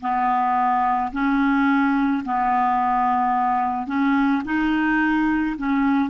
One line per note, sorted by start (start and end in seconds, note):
0.00 1.11 B3
1.12 2.23 C#4
2.25 3.86 B3
3.86 4.42 C#4
4.44 5.56 D#4
5.57 6.09 C#4